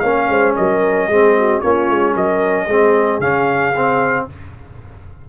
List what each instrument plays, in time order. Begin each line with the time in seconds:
0.00 tuba A#3, trombone C#4, horn C#5, trumpet F5
0.29 tuba G#3, horn C5
0.56 tuba F#3, horn A#4, trumpet D#5
1.08 tuba G#3, trombone C4, horn G#4
1.37 horn F#4
1.61 tuba A#3, trombone C#4, horn F4, trumpet C#5
1.90 tuba G#3
2.16 tuba F#3, horn A#4, trumpet D#5
2.66 tuba G#3, trombone C4, horn G#4
3.20 tuba C#3, trombone C#4, trumpet F5
3.76 trombone C4